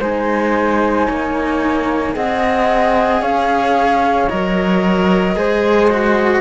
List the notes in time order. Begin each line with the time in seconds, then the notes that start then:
0.00 G#3 D#4 C5 G#5
1.07 A#3 C#5
2.14 C4 G#4 D#5 F#5
3.21 C#4 C#5 F5
4.29 F#3 A#4 D#5
5.35 G#3 G#4 C5
5.90 F#4